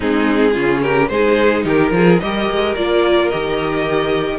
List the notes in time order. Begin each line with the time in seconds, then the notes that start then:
0.00 G#3 C4 D#4 G#4
0.53 C#3 C#4 F4
0.82 G4 A#4
1.08 G#3 D#4 G#4 C5
1.64 D#3 G4 A#4
1.91 F3 F4 G#4
2.19 G3 G4 A#4 D#5
2.50 G#3
2.75 A#3 F4 D5
3.28 D#3 G4 D#5